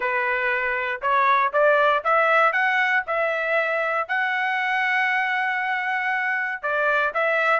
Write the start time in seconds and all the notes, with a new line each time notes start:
0.00 B4
1.01 C#5
1.53 D5
2.04 E5
2.52 F#5
3.06 E5
4.08 F#5
6.62 D5
7.14 E5